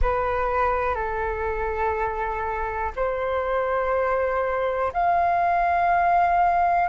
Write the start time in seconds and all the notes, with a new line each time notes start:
0.01 B4
0.94 A4
2.96 C5
4.93 F5